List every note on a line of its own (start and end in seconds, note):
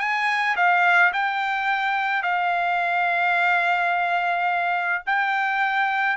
0.00 0.56 G#5
0.57 1.13 F5
1.13 2.23 G5
2.23 5.03 F5
5.07 6.17 G5